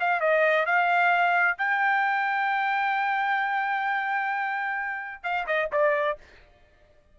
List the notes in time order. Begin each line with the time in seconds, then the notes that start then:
0.00 F5
0.20 D#5
0.66 F5
1.58 G5
5.23 F5
5.47 D#5
5.72 D5